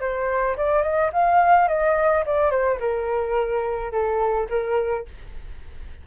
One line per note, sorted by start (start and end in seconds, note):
0.00 0.56 C5
0.57 0.83 D5
0.83 1.11 D#5
1.12 1.68 F5
1.68 2.24 D#5
2.26 2.51 D5
2.51 2.79 C5
2.80 3.92 A#4
3.92 4.48 A4
4.49 5.05 A#4